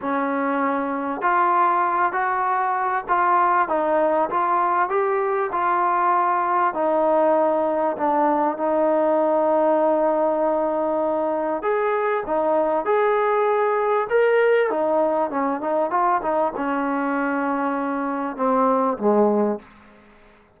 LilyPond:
\new Staff \with { instrumentName = "trombone" } { \time 4/4 \tempo 4 = 98 cis'2 f'4. fis'8~ | fis'4 f'4 dis'4 f'4 | g'4 f'2 dis'4~ | dis'4 d'4 dis'2~ |
dis'2. gis'4 | dis'4 gis'2 ais'4 | dis'4 cis'8 dis'8 f'8 dis'8 cis'4~ | cis'2 c'4 gis4 | }